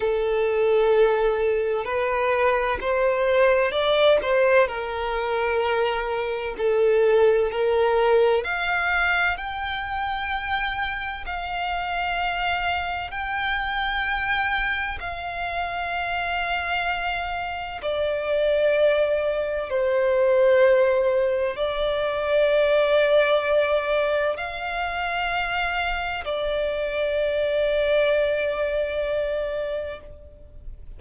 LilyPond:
\new Staff \with { instrumentName = "violin" } { \time 4/4 \tempo 4 = 64 a'2 b'4 c''4 | d''8 c''8 ais'2 a'4 | ais'4 f''4 g''2 | f''2 g''2 |
f''2. d''4~ | d''4 c''2 d''4~ | d''2 f''2 | d''1 | }